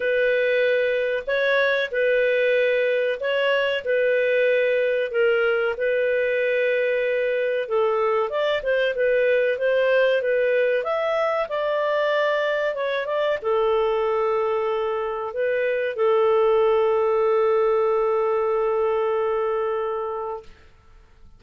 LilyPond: \new Staff \with { instrumentName = "clarinet" } { \time 4/4 \tempo 4 = 94 b'2 cis''4 b'4~ | b'4 cis''4 b'2 | ais'4 b'2. | a'4 d''8 c''8 b'4 c''4 |
b'4 e''4 d''2 | cis''8 d''8 a'2. | b'4 a'2.~ | a'1 | }